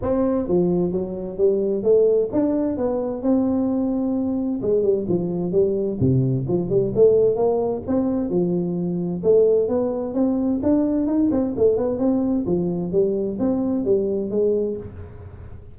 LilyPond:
\new Staff \with { instrumentName = "tuba" } { \time 4/4 \tempo 4 = 130 c'4 f4 fis4 g4 | a4 d'4 b4 c'4~ | c'2 gis8 g8 f4 | g4 c4 f8 g8 a4 |
ais4 c'4 f2 | a4 b4 c'4 d'4 | dis'8 c'8 a8 b8 c'4 f4 | g4 c'4 g4 gis4 | }